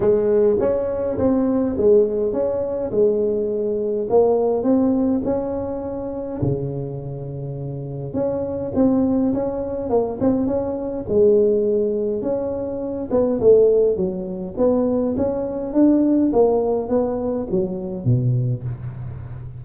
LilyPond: \new Staff \with { instrumentName = "tuba" } { \time 4/4 \tempo 4 = 103 gis4 cis'4 c'4 gis4 | cis'4 gis2 ais4 | c'4 cis'2 cis4~ | cis2 cis'4 c'4 |
cis'4 ais8 c'8 cis'4 gis4~ | gis4 cis'4. b8 a4 | fis4 b4 cis'4 d'4 | ais4 b4 fis4 b,4 | }